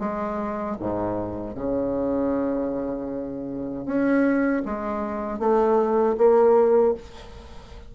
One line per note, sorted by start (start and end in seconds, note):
0.00 0.77 G#3
0.80 1.55 G#2
1.55 3.86 C#3
3.86 4.63 C#4
4.66 5.40 G#3
5.40 6.16 A3
6.18 6.95 A#3